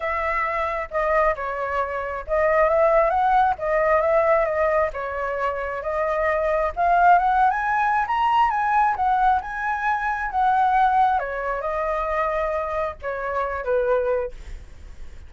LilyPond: \new Staff \with { instrumentName = "flute" } { \time 4/4 \tempo 4 = 134 e''2 dis''4 cis''4~ | cis''4 dis''4 e''4 fis''4 | dis''4 e''4 dis''4 cis''4~ | cis''4 dis''2 f''4 |
fis''8. gis''4~ gis''16 ais''4 gis''4 | fis''4 gis''2 fis''4~ | fis''4 cis''4 dis''2~ | dis''4 cis''4. b'4. | }